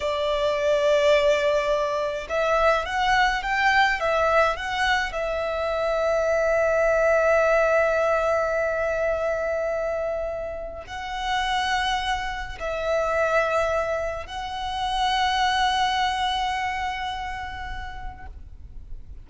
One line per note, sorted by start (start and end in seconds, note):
0.00 2.27 D5
2.29 2.85 E5
2.85 3.42 F#5
3.42 3.99 G5
4.00 4.56 E5
4.56 5.12 F#5
5.12 10.83 E5
10.86 12.58 F#5
12.59 14.26 E5
14.26 18.26 F#5